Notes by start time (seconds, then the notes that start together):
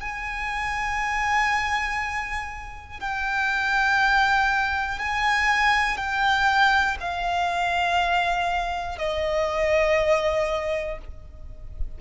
0.00 G#5
3.00 G5
4.99 G#5
5.97 G5
7.00 F5
8.98 D#5